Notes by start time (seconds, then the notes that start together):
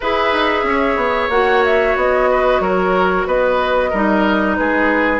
0.00 E4 G#4 B4 E5
0.32 D#4
0.63 C#4 C#5
0.96 B3
1.29 A#3 F#4 F#5
1.64 E5
1.96 B3 D#5
2.30 B4
2.60 F#3 A#4 C#5
3.26 B3 B4 D#5
3.90 G3 D#4 A#4
4.55 G#3 G#4 B4